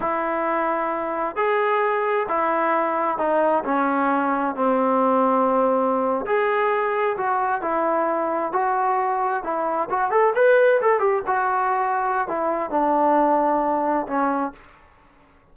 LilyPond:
\new Staff \with { instrumentName = "trombone" } { \time 4/4 \tempo 4 = 132 e'2. gis'4~ | gis'4 e'2 dis'4 | cis'2 c'2~ | c'4.~ c'16 gis'2 fis'16~ |
fis'8. e'2 fis'4~ fis'16~ | fis'8. e'4 fis'8 a'8 b'4 a'16~ | a'16 g'8 fis'2~ fis'16 e'4 | d'2. cis'4 | }